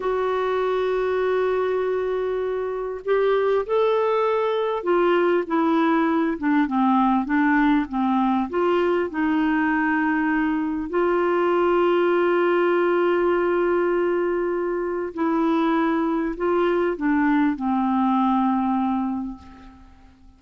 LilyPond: \new Staff \with { instrumentName = "clarinet" } { \time 4/4 \tempo 4 = 99 fis'1~ | fis'4 g'4 a'2 | f'4 e'4. d'8 c'4 | d'4 c'4 f'4 dis'4~ |
dis'2 f'2~ | f'1~ | f'4 e'2 f'4 | d'4 c'2. | }